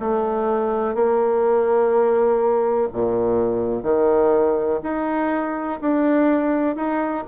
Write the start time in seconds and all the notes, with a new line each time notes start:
0.00 A3
0.95 A#3
2.93 A#2
3.84 D#3
4.83 D#4
5.82 D4
6.77 D#4